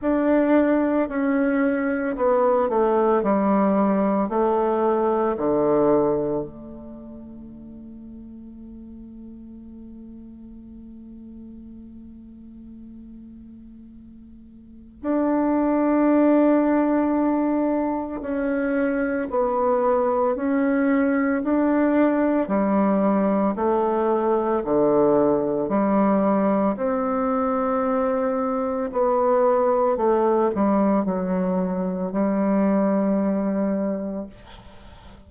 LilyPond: \new Staff \with { instrumentName = "bassoon" } { \time 4/4 \tempo 4 = 56 d'4 cis'4 b8 a8 g4 | a4 d4 a2~ | a1~ | a2 d'2~ |
d'4 cis'4 b4 cis'4 | d'4 g4 a4 d4 | g4 c'2 b4 | a8 g8 fis4 g2 | }